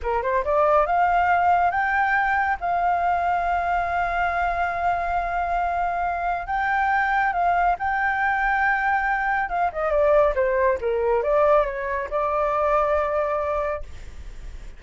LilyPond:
\new Staff \with { instrumentName = "flute" } { \time 4/4 \tempo 4 = 139 ais'8 c''8 d''4 f''2 | g''2 f''2~ | f''1~ | f''2. g''4~ |
g''4 f''4 g''2~ | g''2 f''8 dis''8 d''4 | c''4 ais'4 d''4 cis''4 | d''1 | }